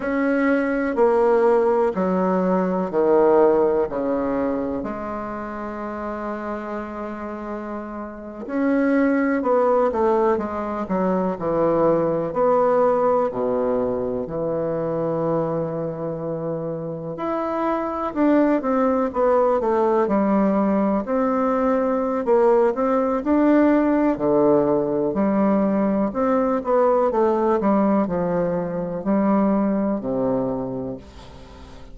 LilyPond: \new Staff \with { instrumentName = "bassoon" } { \time 4/4 \tempo 4 = 62 cis'4 ais4 fis4 dis4 | cis4 gis2.~ | gis8. cis'4 b8 a8 gis8 fis8 e16~ | e8. b4 b,4 e4~ e16~ |
e4.~ e16 e'4 d'8 c'8 b16~ | b16 a8 g4 c'4~ c'16 ais8 c'8 | d'4 d4 g4 c'8 b8 | a8 g8 f4 g4 c4 | }